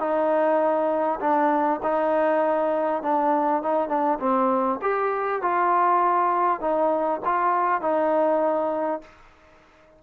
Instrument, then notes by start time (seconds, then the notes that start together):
trombone
0.00 D#4
1.21 D4
1.84 D#4
3.03 D4
3.63 D#4
3.89 D4
4.20 C4
4.82 G4
5.42 F4
6.61 D#4
7.25 F4
7.82 D#4